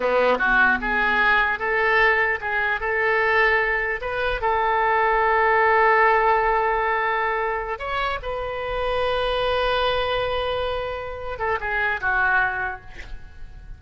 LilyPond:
\new Staff \with { instrumentName = "oboe" } { \time 4/4 \tempo 4 = 150 b4 fis'4 gis'2 | a'2 gis'4 a'4~ | a'2 b'4 a'4~ | a'1~ |
a'2.~ a'8 cis''8~ | cis''8 b'2.~ b'8~ | b'1~ | b'8 a'8 gis'4 fis'2 | }